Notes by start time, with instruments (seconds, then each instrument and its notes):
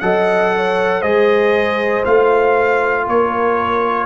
0.00 tuba F#3, trombone A4, horn D#5, trumpet F#5
0.55 horn C#5
1.00 tuba G#3, trombone G#4, horn C5, trumpet D#5
2.05 tuba A3, trombone F4, trumpet F5
3.06 tuba A#3, horn A#4, trumpet C#5